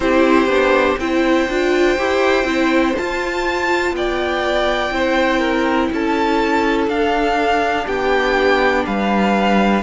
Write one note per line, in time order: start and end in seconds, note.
0.00 0.45 C4
0.00 0.49 E4
0.00 1.00 G4
0.00 0.98 C5
0.45 0.95 B3
0.45 0.98 D4
0.98 1.47 C4
0.98 1.49 E4
0.98 3.95 C5
0.98 2.96 G5
1.48 1.97 D4
1.48 1.98 F4
1.98 2.43 E4
1.98 2.44 G4
2.43 2.93 C4
2.43 2.93 E4
2.96 4.92 F4
2.96 3.91 F4
2.96 3.95 A5
3.91 4.90 B3
3.91 4.93 D5
3.91 5.92 G5
4.91 5.89 C4
4.91 6.88 E4
4.91 5.39 C5
5.39 5.88 A#4
5.92 6.87 C#4
5.92 7.85 A4
5.92 6.89 A5
6.87 7.85 D4
6.87 9.82 D4
6.87 7.87 F5
7.85 8.85 B3
7.85 8.84 G4
7.85 8.85 G5
8.85 9.82 G3
8.85 9.82 B4
8.85 9.82 F5